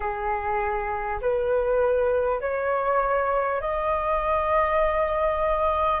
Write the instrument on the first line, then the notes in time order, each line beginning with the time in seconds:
flute
0.00 G#4
1.21 B4
2.40 C#5
3.61 D#5